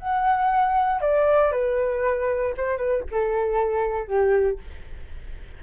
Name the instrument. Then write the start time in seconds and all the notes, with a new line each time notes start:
flute
0.00 F#5
1.01 D5
1.52 B4
2.57 C5
2.78 B4
3.12 A4
4.08 G4